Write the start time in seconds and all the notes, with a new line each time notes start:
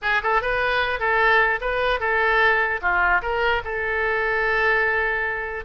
0.01 G#4
0.22 A4
0.41 B4
0.99 A4
1.60 B4
2.00 A4
2.81 F4
3.22 A#4
3.64 A4